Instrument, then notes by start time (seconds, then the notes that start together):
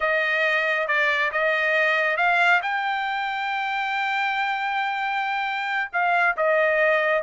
trumpet
0.00 D#5
0.87 D5
1.32 D#5
2.17 F5
2.62 G5
5.92 F5
6.36 D#5